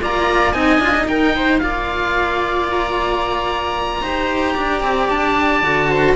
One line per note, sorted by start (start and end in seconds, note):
0.00 0.53 A#3
0.00 0.53 F4
0.00 0.55 D5
0.00 0.52 A#5
0.52 0.78 C4
0.52 0.80 D#4
0.52 1.08 D#5
0.52 1.06 G#5
0.78 1.05 D4
0.78 0.94 F4
0.96 1.62 D#4
1.07 1.60 D#4
1.07 1.35 A#4
1.07 1.59 G5
1.35 1.62 C5
1.59 4.01 A#3
1.59 4.03 F4
1.59 4.01 D5
1.59 2.66 F5
2.71 5.09 A#5
4.01 4.54 D#4
4.01 5.63 G4
4.01 4.54 C5
4.54 4.82 D4
4.54 5.88 D5
4.82 5.08 C4
5.09 5.62 D4
5.09 6.16 A5
5.62 6.16 D3
5.62 6.16 F#4
5.89 6.16 C5